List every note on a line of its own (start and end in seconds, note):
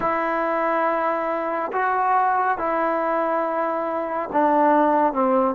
0.00 1.71 E4
1.72 2.58 F#4
2.58 4.29 E4
4.32 5.12 D4
5.12 5.55 C4